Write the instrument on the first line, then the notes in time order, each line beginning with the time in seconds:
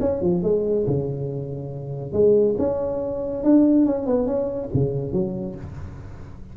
tuba
0.00 C#4
0.21 F3
0.42 G#3
0.86 C#3
2.12 G#3
2.58 C#4
3.44 D4
3.86 C#4
4.06 B3
4.26 C#4
4.74 C#3
5.13 F#3